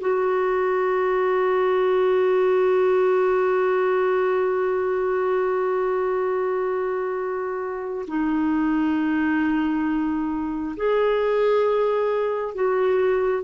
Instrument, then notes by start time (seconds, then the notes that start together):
clarinet
0.00 F#4
8.08 D#4
10.77 G#4
12.55 F#4